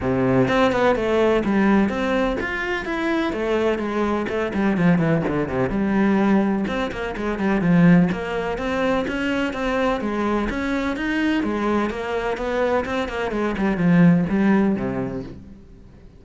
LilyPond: \new Staff \with { instrumentName = "cello" } { \time 4/4 \tempo 4 = 126 c4 c'8 b8 a4 g4 | c'4 f'4 e'4 a4 | gis4 a8 g8 f8 e8 d8 c8 | g2 c'8 ais8 gis8 g8 |
f4 ais4 c'4 cis'4 | c'4 gis4 cis'4 dis'4 | gis4 ais4 b4 c'8 ais8 | gis8 g8 f4 g4 c4 | }